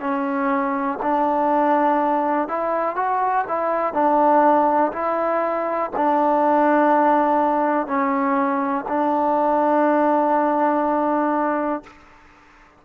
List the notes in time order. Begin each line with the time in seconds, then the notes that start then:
0.00 C#4
1.02 D4
2.48 E4
2.95 F#4
3.47 E4
3.93 D4
4.92 E4
5.96 D4
7.86 C#4
8.88 D4